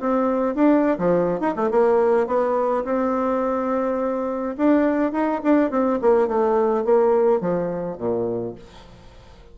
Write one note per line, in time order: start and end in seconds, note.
0.00 0.55 C4
0.55 0.98 D4
0.98 1.40 F3
1.40 1.55 D#4
1.56 1.70 A3
1.71 2.27 A#3
2.27 2.84 B3
2.84 4.56 C4
4.57 5.12 D4
5.12 5.41 D#4
5.43 5.71 D4
5.71 5.99 C4
6.01 6.28 A#3
6.28 6.85 A3
6.85 7.41 A#3
7.41 7.98 F3
7.98 8.55 A#2